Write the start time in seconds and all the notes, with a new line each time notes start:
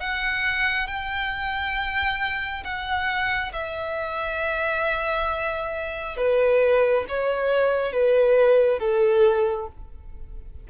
0.00 F#5
0.87 G5
2.64 F#5
3.53 E5
6.17 B4
7.08 C#5
7.92 B4
8.79 A4